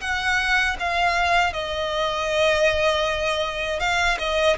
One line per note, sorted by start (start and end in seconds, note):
0.00 0.76 F#5
0.79 1.52 F5
1.52 3.79 D#5
3.79 4.17 F5
4.18 4.56 D#5